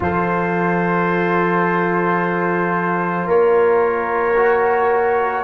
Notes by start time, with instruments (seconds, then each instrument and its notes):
0.00 tuba F3, trombone F4, horn A4, trumpet C5
3.26 tuba A#3, horn A#4, trumpet C#5
4.36 trombone F#4